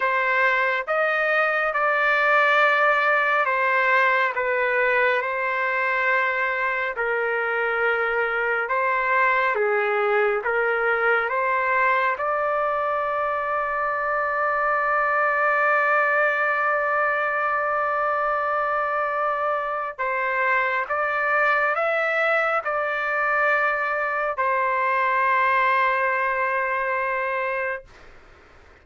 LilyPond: \new Staff \with { instrumentName = "trumpet" } { \time 4/4 \tempo 4 = 69 c''4 dis''4 d''2 | c''4 b'4 c''2 | ais'2 c''4 gis'4 | ais'4 c''4 d''2~ |
d''1~ | d''2. c''4 | d''4 e''4 d''2 | c''1 | }